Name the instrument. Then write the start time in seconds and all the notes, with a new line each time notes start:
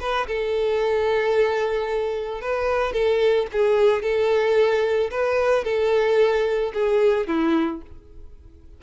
violin
0.00 B4
0.27 A4
2.42 B4
2.93 A4
3.53 G#4
4.02 A4
5.11 B4
5.64 A4
6.74 G#4
7.28 E4